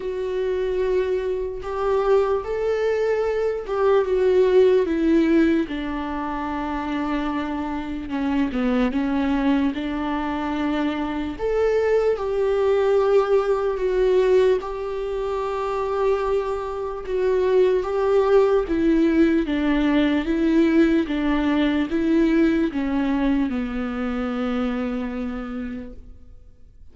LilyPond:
\new Staff \with { instrumentName = "viola" } { \time 4/4 \tempo 4 = 74 fis'2 g'4 a'4~ | a'8 g'8 fis'4 e'4 d'4~ | d'2 cis'8 b8 cis'4 | d'2 a'4 g'4~ |
g'4 fis'4 g'2~ | g'4 fis'4 g'4 e'4 | d'4 e'4 d'4 e'4 | cis'4 b2. | }